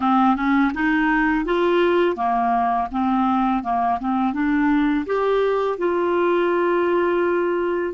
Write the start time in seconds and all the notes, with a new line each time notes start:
0.00 C4
0.35 C#4
0.74 D#4
1.45 F4
2.16 A#3
2.91 C4
3.63 A#3
4.00 C4
4.33 D4
5.05 G4
5.78 F4